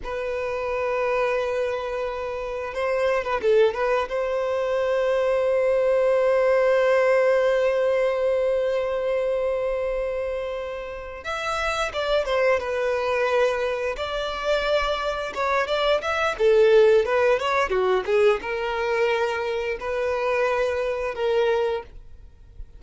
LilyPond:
\new Staff \with { instrumentName = "violin" } { \time 4/4 \tempo 4 = 88 b'1 | c''8. b'16 a'8 b'8 c''2~ | c''1~ | c''1~ |
c''8 e''4 d''8 c''8 b'4.~ | b'8 d''2 cis''8 d''8 e''8 | a'4 b'8 cis''8 fis'8 gis'8 ais'4~ | ais'4 b'2 ais'4 | }